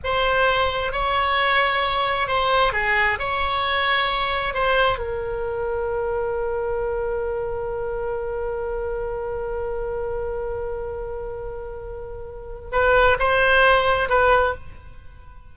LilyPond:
\new Staff \with { instrumentName = "oboe" } { \time 4/4 \tempo 4 = 132 c''2 cis''2~ | cis''4 c''4 gis'4 cis''4~ | cis''2 c''4 ais'4~ | ais'1~ |
ais'1~ | ais'1~ | ais'1 | b'4 c''2 b'4 | }